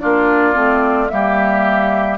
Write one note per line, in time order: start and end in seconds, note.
0.00 0.55 A#3
0.00 0.53 D4
0.00 1.11 F4
0.00 1.09 D5
0.53 1.10 A3
0.53 1.08 C4
1.09 2.19 G3
1.09 2.18 A#3
1.09 2.19 G4
1.09 2.18 E5